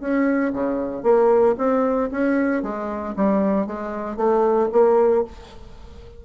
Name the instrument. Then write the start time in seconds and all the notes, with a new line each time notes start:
bassoon
0.00 C#4
0.53 C#3
1.03 A#3
1.58 C4
2.12 C#4
2.63 G#3
3.16 G3
3.66 G#3
4.17 A3
4.72 A#3